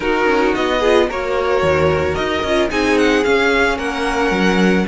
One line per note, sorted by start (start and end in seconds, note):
0.00 0.25 D#4
0.00 0.82 D#4
0.00 0.79 F#4
0.00 0.54 A#4
0.25 0.52 C#4
0.55 1.09 B3
0.55 1.09 D#5
0.79 1.10 F4
0.79 1.06 G#4
1.08 1.62 A#3
1.08 2.46 F#4
1.08 2.70 A#4
1.08 2.14 C#5
1.62 2.17 D#2
2.14 2.43 D#4
2.14 2.68 D#5
2.43 2.70 C#4
2.43 2.69 F4
2.69 3.24 C4
2.69 3.23 D#4
2.69 3.78 G#4
2.69 2.98 G#5
2.98 3.24 F#5
3.24 4.87 C#4
3.24 3.78 C#4
3.24 3.78 F5
3.78 4.31 A#3
3.78 4.86 A#4
3.78 4.86 F#5
4.31 4.85 F#3